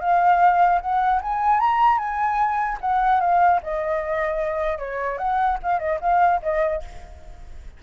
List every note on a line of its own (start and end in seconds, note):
0.00 0.80 F5
0.81 1.21 F#5
1.22 1.60 G#5
1.60 1.98 A#5
1.98 2.78 G#5
2.81 3.20 F#5
3.20 3.60 F5
3.63 4.79 D#5
4.79 5.18 C#5
5.18 5.58 F#5
5.63 5.79 F5
5.79 5.99 D#5
6.01 6.41 F5
6.42 6.82 D#5